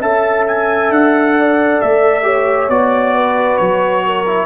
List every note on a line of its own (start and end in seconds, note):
0.00 0.90 C#4
0.00 2.23 A4
0.00 1.34 E5
0.00 0.46 A5
0.47 0.92 G#5
0.90 1.80 D4
0.90 1.81 F#5
1.39 2.26 D5
1.81 2.69 A3
1.81 2.70 E5
2.23 2.68 G4
2.23 3.15 C#5
2.69 3.59 B3
2.69 4.26 F#4
2.69 3.57 D5
3.15 4.05 B4
3.57 4.47 F#3
3.57 4.47 C#5
4.06 4.47 A#4
4.26 4.47 E4